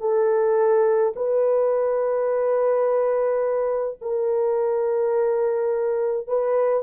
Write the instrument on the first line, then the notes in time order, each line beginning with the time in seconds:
horn
0.00 A4
1.15 B4
4.01 A#4
6.27 B4